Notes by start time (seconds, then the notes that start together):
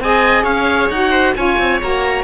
0.00 C4 G#4 D#5 G#5
0.44 C#4 C#5 F5
0.89 D#4 F#4 F#5
1.11 C5
1.36 C#4 F4 C#5 G#5
1.59 C4
1.82 A#3 F#4 A#5